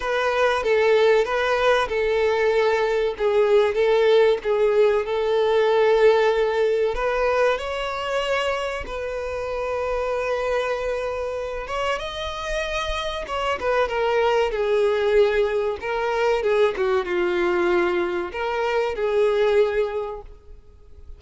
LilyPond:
\new Staff \with { instrumentName = "violin" } { \time 4/4 \tempo 4 = 95 b'4 a'4 b'4 a'4~ | a'4 gis'4 a'4 gis'4 | a'2. b'4 | cis''2 b'2~ |
b'2~ b'8 cis''8 dis''4~ | dis''4 cis''8 b'8 ais'4 gis'4~ | gis'4 ais'4 gis'8 fis'8 f'4~ | f'4 ais'4 gis'2 | }